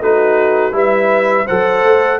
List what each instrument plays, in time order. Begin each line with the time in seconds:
0.00 tuba A3, trombone D#4, horn F#4, trumpet B4
0.72 tuba G3, trombone E4, horn B4, trumpet E5
1.45 tuba F#3, trombone A4, horn C5, trumpet F#5
1.84 tuba A3